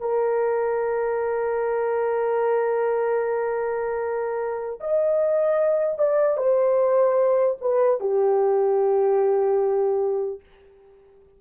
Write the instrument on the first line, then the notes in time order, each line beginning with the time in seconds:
horn
0.00 A#4
4.80 D#5
5.98 D5
6.37 C5
7.61 B4
8.00 G4